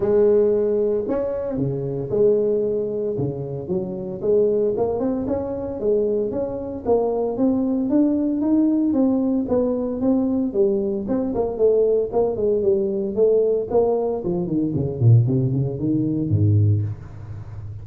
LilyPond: \new Staff \with { instrumentName = "tuba" } { \time 4/4 \tempo 4 = 114 gis2 cis'4 cis4 | gis2 cis4 fis4 | gis4 ais8 c'8 cis'4 gis4 | cis'4 ais4 c'4 d'4 |
dis'4 c'4 b4 c'4 | g4 c'8 ais8 a4 ais8 gis8 | g4 a4 ais4 f8 dis8 | cis8 ais,8 c8 cis8 dis4 gis,4 | }